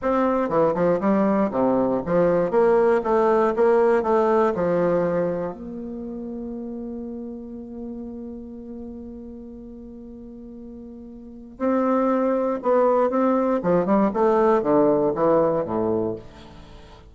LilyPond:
\new Staff \with { instrumentName = "bassoon" } { \time 4/4 \tempo 4 = 119 c'4 e8 f8 g4 c4 | f4 ais4 a4 ais4 | a4 f2 ais4~ | ais1~ |
ais1~ | ais2. c'4~ | c'4 b4 c'4 f8 g8 | a4 d4 e4 a,4 | }